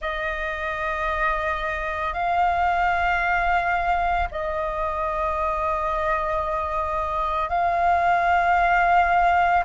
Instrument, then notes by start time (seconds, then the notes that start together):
flute
0.01 D#5
2.13 F5
4.31 D#5
7.49 F5